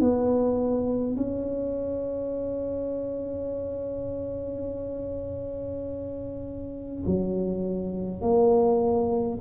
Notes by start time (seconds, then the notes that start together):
0.00 B3
1.16 C#4
7.06 F#3
8.21 A#3